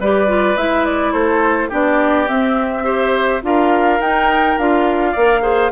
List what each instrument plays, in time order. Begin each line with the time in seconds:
0.00 bassoon G3, clarinet G4, oboe B4, flute D5
0.27 clarinet F4
0.56 bassoon G#3, clarinet E4, flute E5
0.85 flute D5
1.12 bassoon A3, oboe A4, flute C5
1.69 bassoon B3, clarinet D4, oboe G4, flute D5
2.27 clarinet C4, bassoon C4, flute E5
2.84 clarinet G4, oboe C5
3.42 bassoon D4, clarinet F4, oboe A#4, flute F5
4.00 bassoon D#4, clarinet D#4, flute G5
4.58 bassoon D4, clarinet F4, flute F5
5.12 bassoon A#3, clarinet A#4, oboe D5
5.42 clarinet G#4, oboe C5